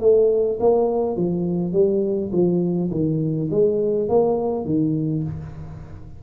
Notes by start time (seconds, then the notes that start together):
0.00 A3
0.60 A#3
1.16 F3
1.72 G3
2.32 F3
2.91 D#3
3.50 G#3
4.09 A#3
4.65 D#3